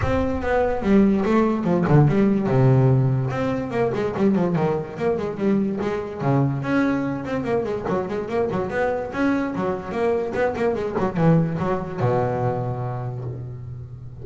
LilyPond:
\new Staff \with { instrumentName = "double bass" } { \time 4/4 \tempo 4 = 145 c'4 b4 g4 a4 | f8 d8 g4 c2 | c'4 ais8 gis8 g8 f8 dis4 | ais8 gis8 g4 gis4 cis4 |
cis'4. c'8 ais8 gis8 fis8 gis8 | ais8 fis8 b4 cis'4 fis4 | ais4 b8 ais8 gis8 fis8 e4 | fis4 b,2. | }